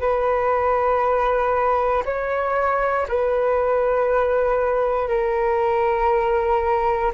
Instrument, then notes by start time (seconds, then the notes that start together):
flute
0.00 B4
2.05 C#5
3.08 B4
5.08 A#4